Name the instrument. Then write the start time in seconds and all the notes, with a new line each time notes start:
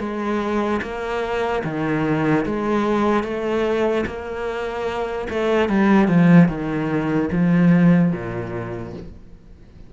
cello
0.00 G#3
0.82 A#3
1.64 D#3
2.46 G#3
3.24 A3
4.07 A#3
5.30 A3
5.69 G3
6.08 F3
6.49 D#3
7.32 F3
8.12 A#2